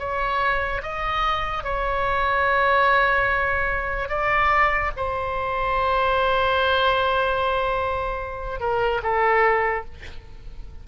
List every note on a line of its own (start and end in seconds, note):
0.00 0.82 C#5
0.83 1.64 D#5
1.64 4.09 C#5
4.09 4.92 D5
4.97 8.61 C5
8.61 9.02 A#4
9.03 9.85 A4